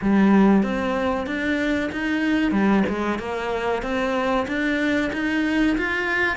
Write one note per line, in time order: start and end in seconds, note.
0.01 0.62 G3
0.62 1.26 C4
1.26 1.90 D4
1.92 2.51 D#4
2.51 2.83 G3
2.89 3.19 G#3
3.19 3.82 A#3
3.82 4.46 C4
4.47 5.11 D4
5.12 5.76 D#4
5.77 6.36 F4